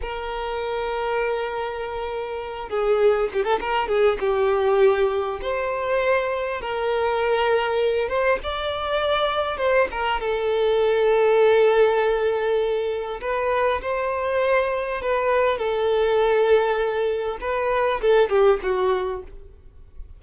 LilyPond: \new Staff \with { instrumentName = "violin" } { \time 4/4 \tempo 4 = 100 ais'1~ | ais'8 gis'4 g'16 a'16 ais'8 gis'8 g'4~ | g'4 c''2 ais'4~ | ais'4. c''8 d''2 |
c''8 ais'8 a'2.~ | a'2 b'4 c''4~ | c''4 b'4 a'2~ | a'4 b'4 a'8 g'8 fis'4 | }